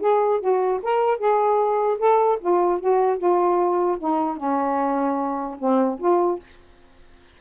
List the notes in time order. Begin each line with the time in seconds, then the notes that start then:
0.00 G#4
0.40 F#4
0.82 A#4
1.18 G#4
1.98 A4
2.40 F4
2.80 F#4
3.18 F4
3.98 D#4
4.37 C#4
5.59 C4
5.99 F4